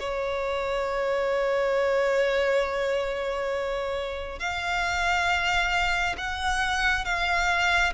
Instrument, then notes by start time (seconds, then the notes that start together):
violin
0.00 C#5
4.40 F5
6.18 F#5
7.05 F5